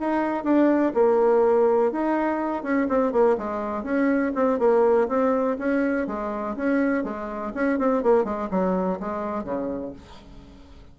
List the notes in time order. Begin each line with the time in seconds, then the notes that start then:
0.00 D#4
0.44 D4
0.94 A#3
1.92 D#4
2.63 C#4
2.89 C4
3.12 A#3
3.38 G#3
3.84 C#4
4.35 C4
4.59 A#3
5.09 C4
5.59 C#4
6.08 G#3
6.57 C#4
7.04 G#3
7.54 C#4
7.79 C4
8.03 A#3
8.25 G#3
8.51 F#3
9.00 G#3
9.44 C#3